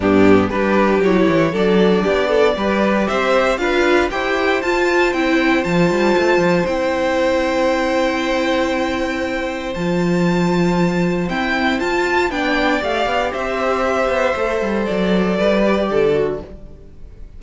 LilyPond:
<<
  \new Staff \with { instrumentName = "violin" } { \time 4/4 \tempo 4 = 117 g'4 b'4 cis''4 d''4~ | d''2 e''4 f''4 | g''4 a''4 g''4 a''4~ | a''4 g''2.~ |
g''2. a''4~ | a''2 g''4 a''4 | g''4 f''4 e''2~ | e''4 d''2. | }
  \new Staff \with { instrumentName = "violin" } { \time 4/4 d'4 g'2 a'4 | g'8 a'8 b'4 c''4 b'4 | c''1~ | c''1~ |
c''1~ | c''1 | d''2 c''2~ | c''2 b'4 a'4 | }
  \new Staff \with { instrumentName = "viola" } { \time 4/4 b4 d'4 e'4 d'4~ | d'4 g'2 f'4 | g'4 f'4 e'4 f'4~ | f'4 e'2.~ |
e'2. f'4~ | f'2 c'4 f'4 | d'4 g'2. | a'2~ a'8 g'4 fis'8 | }
  \new Staff \with { instrumentName = "cello" } { \time 4/4 g,4 g4 fis8 e8 fis4 | b4 g4 c'4 d'4 | e'4 f'4 c'4 f8 g8 | a8 f8 c'2.~ |
c'2. f4~ | f2 e'4 f'4 | b4 a8 b8 c'4. b8 | a8 g8 fis4 g4 d4 | }
>>